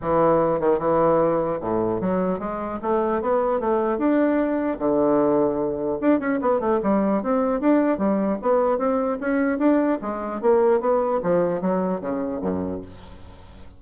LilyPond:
\new Staff \with { instrumentName = "bassoon" } { \time 4/4 \tempo 4 = 150 e4. dis8 e2 | a,4 fis4 gis4 a4 | b4 a4 d'2 | d2. d'8 cis'8 |
b8 a8 g4 c'4 d'4 | g4 b4 c'4 cis'4 | d'4 gis4 ais4 b4 | f4 fis4 cis4 fis,4 | }